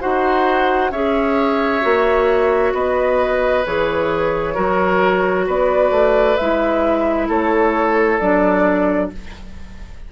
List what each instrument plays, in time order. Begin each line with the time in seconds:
0.00 bassoon D#4, clarinet F#4, oboe C5, flute F#5
0.91 bassoon C#4, clarinet G#4, oboe C#5, flute E5
1.82 bassoon A#3, clarinet F#4
2.73 bassoon B3, oboe B4, flute D#5
3.66 bassoon E3, clarinet G#4, flute C#5
4.55 bassoon F#3, clarinet F#4, oboe A#4
5.47 bassoon B3, oboe B4, flute D5
5.91 bassoon A3
6.37 bassoon G#3, clarinet E4, flute E5
7.28 bassoon A3, oboe A4, flute C#5
8.19 bassoon F#3, clarinet D4, flute D5